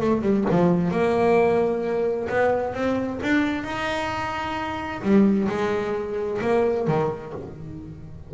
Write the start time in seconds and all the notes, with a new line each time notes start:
0.00 A3
0.22 G3
0.50 F3
0.91 A#3
2.29 B3
2.74 C4
3.22 D4
3.64 D#4
5.02 G3
5.48 G#3
6.41 A#3
6.87 D#3